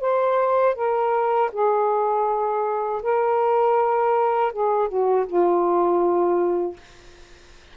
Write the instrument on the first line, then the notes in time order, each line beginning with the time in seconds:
saxophone
0.00 C5
0.75 A#4
1.52 G#4
3.02 A#4
4.52 G#4
4.88 F#4
5.26 F4